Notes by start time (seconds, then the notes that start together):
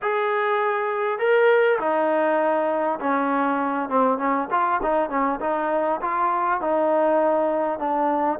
0.01 G#4
1.18 A#4
1.79 D#4
2.99 C#4
3.89 C4
4.18 C#4
4.51 F4
4.82 D#4
5.09 C#4
5.40 D#4
6.01 F4
6.60 D#4
7.79 D4